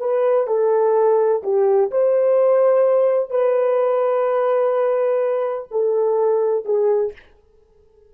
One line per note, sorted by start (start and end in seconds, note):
0.00 0.47 B4
0.47 1.42 A4
1.43 1.91 G4
1.91 3.30 C5
3.30 5.68 B4
5.71 6.65 A4
6.65 7.13 G#4